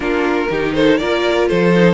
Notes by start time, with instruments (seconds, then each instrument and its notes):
0.00 cello A#3, viola D4, violin F4 A#4
0.50 cello D#3, viola D#4, violin G4
0.73 violin A4 C5
0.97 cello A#3, viola F4, violin A#4 D5
1.48 cello F3, violin A4 C5
1.76 viola D#4